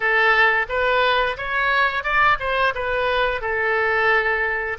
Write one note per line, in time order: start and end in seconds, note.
0.00 0.66 A4
0.68 1.36 B4
1.37 2.03 C#5
2.03 2.37 D5
2.39 2.73 C5
2.75 3.41 B4
3.41 4.77 A4